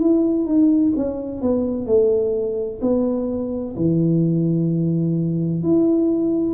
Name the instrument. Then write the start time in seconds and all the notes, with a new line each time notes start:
tuba
0.00 E4
0.46 D#4
0.97 C#4
1.42 B3
1.87 A3
2.82 B3
3.77 E3
5.63 E4